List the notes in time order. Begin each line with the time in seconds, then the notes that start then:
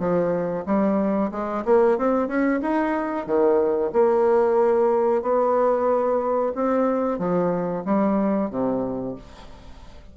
0.00 F3
0.66 G3
1.32 G#3
1.65 A#3
1.98 C4
2.28 C#4
2.62 D#4
3.26 D#3
3.93 A#3
5.23 B3
6.55 C4
7.19 F3
7.85 G3
8.51 C3